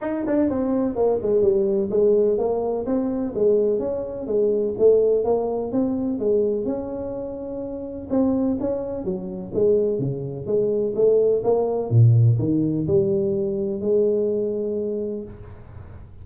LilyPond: \new Staff \with { instrumentName = "tuba" } { \time 4/4 \tempo 4 = 126 dis'8 d'8 c'4 ais8 gis8 g4 | gis4 ais4 c'4 gis4 | cis'4 gis4 a4 ais4 | c'4 gis4 cis'2~ |
cis'4 c'4 cis'4 fis4 | gis4 cis4 gis4 a4 | ais4 ais,4 dis4 g4~ | g4 gis2. | }